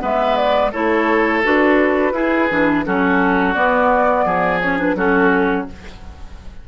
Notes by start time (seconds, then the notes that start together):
0.00 G#3 B3 B4 E5
0.36 D5
0.71 A3 E4 A4 C#5
1.43 D4 F#4 B4
2.12 E4 G#4
2.50 E3 D4
2.85 F#3 C#4 F#4 A4
3.54 B3 D5
4.25 F3 G#4
4.60 C#4 C#5
4.77 D4 B4
4.95 F#3 C#4 F#4 A4